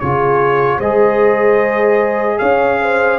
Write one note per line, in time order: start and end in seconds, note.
0.00 0.79 C#3
0.00 0.82 F4
0.00 0.78 G#4
0.00 0.80 C#5
0.78 2.39 G#3
0.78 3.19 G#4
0.78 2.38 C5
0.78 2.39 D#5
2.39 3.19 C#4
2.39 2.79 C#5
2.39 3.19 F5
2.82 3.19 C5